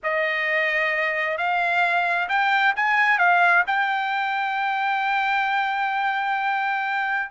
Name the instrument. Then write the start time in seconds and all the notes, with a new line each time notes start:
trumpet
0.03 D#5
1.37 F5
2.29 G5
2.76 G#5
3.18 F5
3.67 G5